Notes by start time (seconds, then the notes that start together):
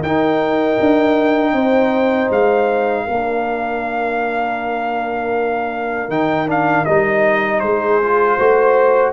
0.00 D#4 A#4 G5
0.80 D4
1.52 C4 C5
2.30 G#3 F5
3.04 A#3 D4 A#4
6.09 D#3 D#4 G5
6.47 D4 F5
6.85 G3 D#4 D#5
7.59 G#3 G#4 C5
8.03 F4
8.37 A3 F#4 C5